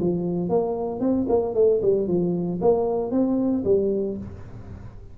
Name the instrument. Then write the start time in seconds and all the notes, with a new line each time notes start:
tuba
0.00 F3
0.49 A#3
1.00 C4
1.28 A#3
1.54 A3
1.82 G3
2.07 F3
2.61 A#3
3.11 C4
3.64 G3